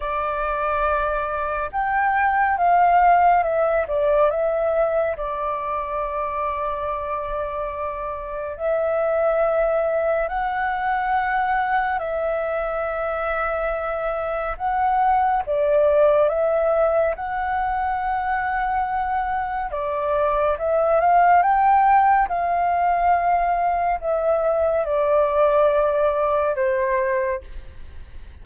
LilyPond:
\new Staff \with { instrumentName = "flute" } { \time 4/4 \tempo 4 = 70 d''2 g''4 f''4 | e''8 d''8 e''4 d''2~ | d''2 e''2 | fis''2 e''2~ |
e''4 fis''4 d''4 e''4 | fis''2. d''4 | e''8 f''8 g''4 f''2 | e''4 d''2 c''4 | }